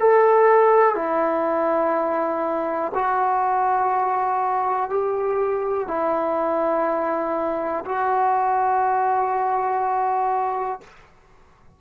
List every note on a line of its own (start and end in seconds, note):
0.00 0.95 A4
0.95 2.92 E4
2.95 4.90 F#4
4.90 5.88 G4
5.88 7.85 E4
7.86 10.81 F#4